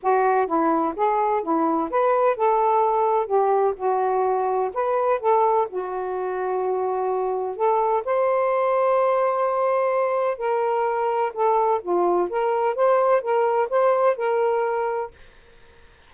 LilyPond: \new Staff \with { instrumentName = "saxophone" } { \time 4/4 \tempo 4 = 127 fis'4 e'4 gis'4 e'4 | b'4 a'2 g'4 | fis'2 b'4 a'4 | fis'1 |
a'4 c''2.~ | c''2 ais'2 | a'4 f'4 ais'4 c''4 | ais'4 c''4 ais'2 | }